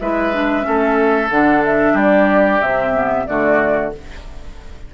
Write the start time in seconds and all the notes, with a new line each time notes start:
0.00 G#3 E4 B4 E5
0.33 D4
0.62 A3 C#4 A4
1.31 D3 D4 F#5
1.65 E5
1.94 G3 G4 D5
2.62 C3 C4 E5
2.93 B3
3.27 D3 A3 F#4 D5